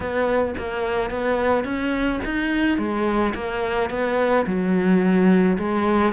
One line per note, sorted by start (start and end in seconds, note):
0.00 0.54 B3
0.57 1.10 A#3
1.10 1.64 B3
1.64 2.19 C#4
2.24 2.78 D#4
2.78 3.33 G#3
3.34 3.89 A#3
3.90 4.45 B3
4.46 5.57 F#3
5.58 6.13 G#3